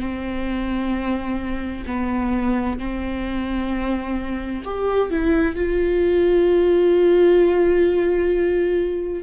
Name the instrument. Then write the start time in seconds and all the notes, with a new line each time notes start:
viola
0.00 C4
1.87 B3
2.79 C4
4.65 G4
5.11 E4
5.56 F4